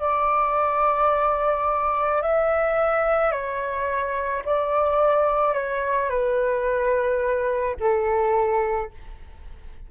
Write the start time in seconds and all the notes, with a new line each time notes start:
0.00 D5
2.22 E5
3.32 C#5
4.46 D5
5.55 C#5
6.10 B4
7.80 A4